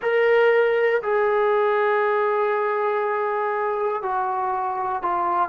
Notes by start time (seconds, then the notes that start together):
0.02 A#4
1.02 G#4
4.02 F#4
5.02 F4